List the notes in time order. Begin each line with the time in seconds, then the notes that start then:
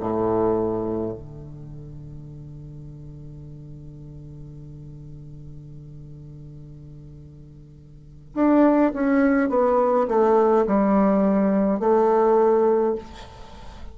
0.00 A2
1.13 D3
8.35 D4
8.94 C#4
9.50 B3
10.09 A3
10.67 G3
11.80 A3